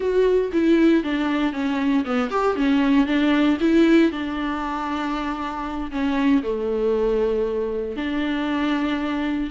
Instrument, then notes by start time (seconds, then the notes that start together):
viola
0.00 F#4
0.52 E4
1.03 D4
1.52 C#4
2.04 B3
2.30 G4
2.56 C#4
3.06 D4
3.60 E4
4.11 D4
5.91 C#4
6.42 A3
7.96 D4